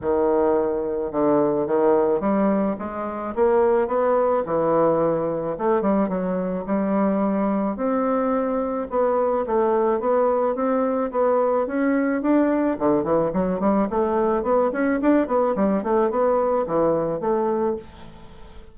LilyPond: \new Staff \with { instrumentName = "bassoon" } { \time 4/4 \tempo 4 = 108 dis2 d4 dis4 | g4 gis4 ais4 b4 | e2 a8 g8 fis4 | g2 c'2 |
b4 a4 b4 c'4 | b4 cis'4 d'4 d8 e8 | fis8 g8 a4 b8 cis'8 d'8 b8 | g8 a8 b4 e4 a4 | }